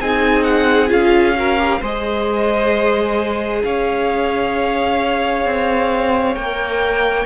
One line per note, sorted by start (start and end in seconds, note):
0.00 0.90 C4
0.00 0.88 D#4
0.00 1.37 G#4
0.00 0.43 G#5
0.43 0.89 F#5
0.88 1.81 C#4
0.88 1.34 F4
0.88 1.82 F5
1.36 1.59 F#4
1.36 1.80 A#4
1.59 1.81 G4
1.80 3.64 G#3
1.80 6.36 G#4
1.80 3.62 C5
1.80 3.63 D#5
3.63 5.45 C#4
3.63 7.26 C#5
3.63 6.35 F5
5.45 6.36 C4
6.35 7.26 A#3
6.35 7.26 A#4
6.35 7.26 G5